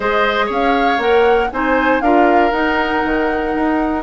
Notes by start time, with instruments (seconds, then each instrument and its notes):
0.00 bassoon G#3, clarinet G#4, oboe C5, flute D#5
0.46 bassoon C#4, oboe C#5
0.52 flute F5
0.98 bassoon A#3, clarinet A#4, flute F#5
1.52 bassoon C4, clarinet D#4, oboe C5, flute G#5
2.01 bassoon D4, clarinet F4, oboe A#4, flute F5
2.51 clarinet D#4, bassoon D#4, flute F#5
3.04 bassoon D#3
3.54 bassoon D#4